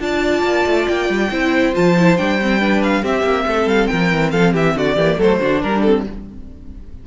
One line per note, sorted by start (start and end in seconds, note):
0.00 0.43 D4
0.00 1.30 F4
0.00 1.31 D5
0.00 0.88 A5
0.43 0.65 A#3
0.66 0.87 A3
0.88 1.09 A#3
0.88 1.75 G5
1.09 1.31 G3
1.31 1.74 C4
1.31 1.73 E4
1.31 2.60 C5
1.73 2.20 F3
1.73 1.95 F4
1.73 2.17 A5
1.98 2.18 E4
2.17 3.04 G3
2.17 2.39 D4
2.17 2.82 G5
2.42 2.60 C4
2.60 3.03 D4
2.60 3.03 B4
2.83 3.05 F5
3.03 3.23 C4
3.03 4.99 C4
3.03 3.46 G4
3.03 3.69 E5
3.23 3.45 A#3
3.47 3.66 A3
3.47 3.90 A4
3.66 3.88 G3
3.66 3.87 F5
3.87 4.13 F3
3.87 4.32 A#4
3.87 4.30 G5
4.13 4.32 E3
4.31 4.54 F3
4.31 4.53 A4
4.31 4.53 F5
4.53 4.75 E3
4.53 4.75 G4
4.53 4.78 E5
4.75 4.96 D3
4.75 4.96 F#4
4.75 5.21 D5
4.96 5.17 E3
4.96 5.19 A#3
4.96 5.17 G4
5.18 5.40 F#3
5.18 5.40 A3
5.18 5.40 A4
5.18 5.62 C5
5.41 5.64 D3
5.41 5.84 D4
5.41 5.62 F#4
5.62 6.07 G3
5.62 6.06 D4
5.62 5.82 A#4
5.82 6.07 C4
5.82 6.04 A4